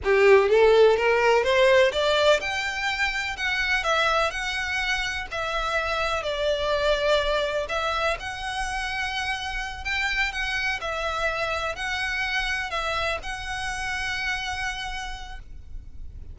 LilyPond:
\new Staff \with { instrumentName = "violin" } { \time 4/4 \tempo 4 = 125 g'4 a'4 ais'4 c''4 | d''4 g''2 fis''4 | e''4 fis''2 e''4~ | e''4 d''2. |
e''4 fis''2.~ | fis''8 g''4 fis''4 e''4.~ | e''8 fis''2 e''4 fis''8~ | fis''1 | }